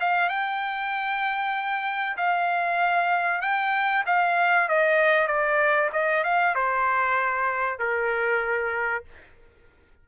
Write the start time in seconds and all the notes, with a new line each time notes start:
0.00 F5
0.29 G5
2.17 F5
3.41 G5
4.06 F5
4.68 D#5
5.27 D5
5.93 D#5
6.24 F5
6.55 C5
7.79 A#4